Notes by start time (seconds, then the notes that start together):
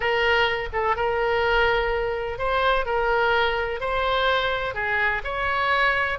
0.00 A#4
0.73 A4
0.96 A#4
2.38 C5
2.85 A#4
3.80 C5
4.74 G#4
5.23 C#5